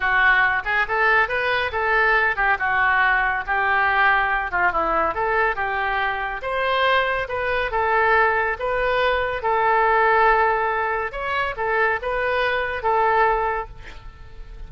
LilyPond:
\new Staff \with { instrumentName = "oboe" } { \time 4/4 \tempo 4 = 140 fis'4. gis'8 a'4 b'4 | a'4. g'8 fis'2 | g'2~ g'8 f'8 e'4 | a'4 g'2 c''4~ |
c''4 b'4 a'2 | b'2 a'2~ | a'2 cis''4 a'4 | b'2 a'2 | }